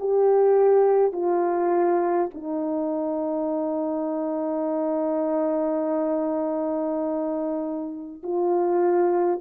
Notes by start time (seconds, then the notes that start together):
0.00 G4
1.12 F4
2.34 D#4
8.24 F4